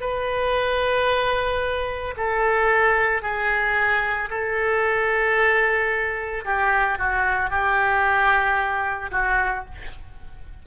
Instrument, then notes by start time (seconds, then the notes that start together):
oboe
0.00 B4
2.17 A4
3.22 G#4
4.30 A4
6.44 G4
6.98 F#4
7.50 G4
9.11 F#4